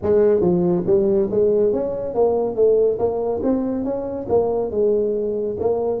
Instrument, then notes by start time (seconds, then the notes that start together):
tuba
0.02 G#3
0.41 F3
0.86 G3
1.30 G#3
1.72 C#4
2.14 A#3
2.55 A3
2.98 A#3
3.43 C4
3.84 C#4
4.28 A#3
4.70 G#3
5.59 A#3